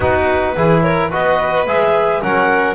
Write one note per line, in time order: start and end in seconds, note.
0.00 0.56 B3
0.00 0.56 D#4
0.00 0.54 F#4
0.00 0.81 B4
0.56 1.12 E3
0.56 1.11 E4
0.56 0.82 G#4
0.82 1.10 A#4
0.82 1.10 C#5
1.10 1.66 B3
1.10 1.66 F#4
1.10 2.21 B4
1.10 1.67 D#5
1.66 2.22 G#3
1.66 2.22 G#4
1.66 2.22 E5
2.21 2.75 F#3
2.21 2.75 C#4
2.21 2.75 A#4
2.21 2.75 F#5